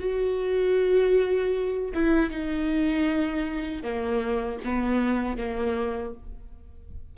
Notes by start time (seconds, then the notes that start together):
0.00 F#4
1.94 E4
2.31 D#4
3.84 A#3
4.65 B3
5.38 A#3